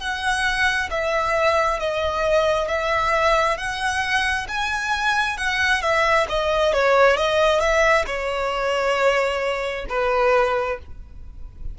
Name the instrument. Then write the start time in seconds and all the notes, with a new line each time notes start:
violin
0.00 F#5
0.91 E5
1.80 D#5
2.68 E5
3.58 F#5
4.49 G#5
5.38 F#5
5.82 E5
6.29 D#5
6.73 C#5
7.17 D#5
7.60 E5
8.07 C#5
9.90 B4